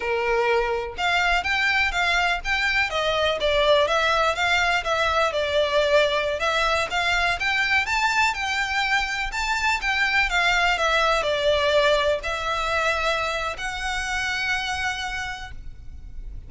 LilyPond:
\new Staff \with { instrumentName = "violin" } { \time 4/4 \tempo 4 = 124 ais'2 f''4 g''4 | f''4 g''4 dis''4 d''4 | e''4 f''4 e''4 d''4~ | d''4~ d''16 e''4 f''4 g''8.~ |
g''16 a''4 g''2 a''8.~ | a''16 g''4 f''4 e''4 d''8.~ | d''4~ d''16 e''2~ e''8. | fis''1 | }